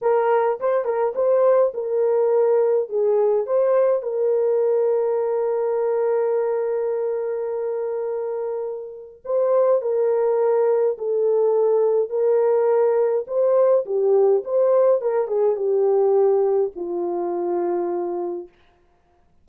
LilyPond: \new Staff \with { instrumentName = "horn" } { \time 4/4 \tempo 4 = 104 ais'4 c''8 ais'8 c''4 ais'4~ | ais'4 gis'4 c''4 ais'4~ | ais'1~ | ais'1 |
c''4 ais'2 a'4~ | a'4 ais'2 c''4 | g'4 c''4 ais'8 gis'8 g'4~ | g'4 f'2. | }